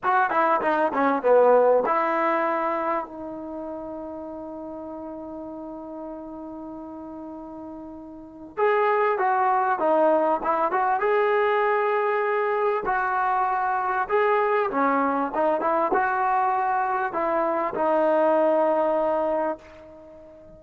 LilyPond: \new Staff \with { instrumentName = "trombone" } { \time 4/4 \tempo 4 = 98 fis'8 e'8 dis'8 cis'8 b4 e'4~ | e'4 dis'2.~ | dis'1~ | dis'2 gis'4 fis'4 |
dis'4 e'8 fis'8 gis'2~ | gis'4 fis'2 gis'4 | cis'4 dis'8 e'8 fis'2 | e'4 dis'2. | }